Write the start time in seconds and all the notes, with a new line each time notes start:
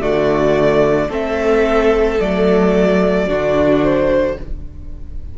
0.00 D3 A3 F#4 D5
1.08 A3 C4 A4 E5
2.20 F#3 A3 D5
3.28 D3 D4 F#4
3.83 C5